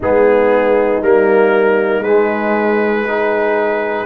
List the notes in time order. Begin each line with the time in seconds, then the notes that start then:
0.00 G#3 B3 D#4 G#4
1.01 G3 A#3 A#4
1.99 G#3 B4
2.06 G#3
3.05 D#4 G#4